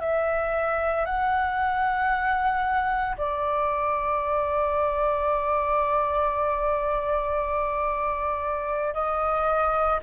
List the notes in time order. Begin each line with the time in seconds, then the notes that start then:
0.00 E5
1.06 F#5
3.17 D5
8.94 D#5